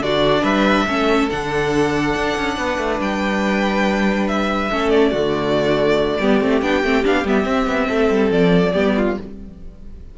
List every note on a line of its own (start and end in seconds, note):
0.00 0.43 D3
0.00 0.88 D4
0.00 0.42 F#4
0.00 0.44 D5
0.42 0.86 G3
0.42 0.85 B4
0.42 1.29 E5
0.86 1.30 A3
0.86 1.30 C#4
0.86 2.57 A4
1.30 2.15 D3
1.30 4.71 D4
1.30 3.00 F#5
2.15 2.36 D4
2.37 2.57 C#4
2.57 2.78 B3
2.57 4.71 B4
2.78 2.99 A3
3.00 4.70 G3
3.00 4.28 G5
4.28 4.90 E5
4.71 5.13 A3
4.71 5.13 C#4
4.71 5.11 A4
4.90 6.60 D5
5.11 6.19 D3
5.11 6.21 A3
5.11 6.17 F#4
6.20 6.41 G3
6.20 6.41 B3
6.20 7.88 G4
6.41 6.62 A3
6.41 6.62 C4
6.62 6.83 B3
6.62 6.83 D4
6.62 7.05 G5
6.83 7.04 A3
6.83 7.04 C4
7.04 7.24 B3
7.04 7.25 D4
7.04 7.27 F5
7.24 7.46 G3
7.24 7.44 B3
7.24 8.32 E5
7.44 8.72 C4
7.44 7.67 C4
7.67 7.88 B3
7.88 8.10 A3
7.88 8.73 A4
8.10 8.31 G3
8.31 8.74 F3
8.31 9.17 D5
8.73 9.17 G3
8.73 9.17 B3
8.73 8.94 G4
8.97 9.18 F4